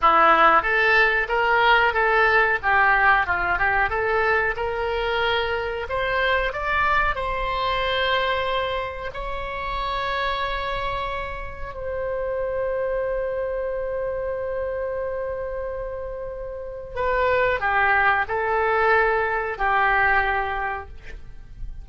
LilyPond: \new Staff \with { instrumentName = "oboe" } { \time 4/4 \tempo 4 = 92 e'4 a'4 ais'4 a'4 | g'4 f'8 g'8 a'4 ais'4~ | ais'4 c''4 d''4 c''4~ | c''2 cis''2~ |
cis''2 c''2~ | c''1~ | c''2 b'4 g'4 | a'2 g'2 | }